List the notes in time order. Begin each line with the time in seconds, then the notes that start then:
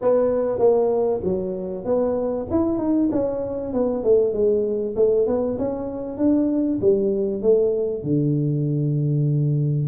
0.01 B3
0.58 A#3
1.23 F#3
1.84 B3
2.50 E4
2.78 D#4
3.11 C#4
3.73 B3
4.03 A3
4.33 G#3
4.95 A3
5.27 B3
5.58 C#4
6.17 D4
6.81 G3
7.42 A3
8.03 D3